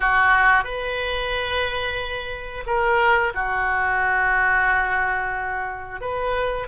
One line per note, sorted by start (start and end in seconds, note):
0.00 0.64 F#4
0.64 2.64 B4
2.66 3.33 A#4
3.34 6.00 F#4
6.00 6.67 B4